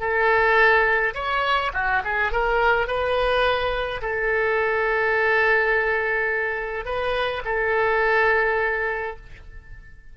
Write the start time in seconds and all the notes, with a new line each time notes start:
0.00 A4
1.15 C#5
1.74 F#4
2.05 G#4
2.32 A#4
2.87 B4
4.02 A4
6.85 B4
7.45 A4